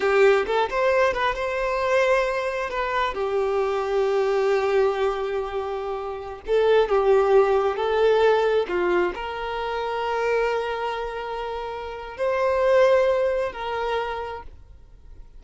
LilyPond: \new Staff \with { instrumentName = "violin" } { \time 4/4 \tempo 4 = 133 g'4 a'8 c''4 b'8 c''4~ | c''2 b'4 g'4~ | g'1~ | g'2~ g'16 a'4 g'8.~ |
g'4~ g'16 a'2 f'8.~ | f'16 ais'2.~ ais'8.~ | ais'2. c''4~ | c''2 ais'2 | }